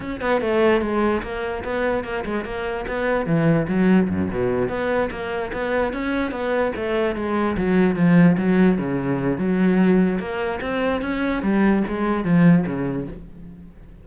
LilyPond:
\new Staff \with { instrumentName = "cello" } { \time 4/4 \tempo 4 = 147 cis'8 b8 a4 gis4 ais4 | b4 ais8 gis8 ais4 b4 | e4 fis4 fis,8 b,4 b8~ | b8 ais4 b4 cis'4 b8~ |
b8 a4 gis4 fis4 f8~ | f8 fis4 cis4. fis4~ | fis4 ais4 c'4 cis'4 | g4 gis4 f4 cis4 | }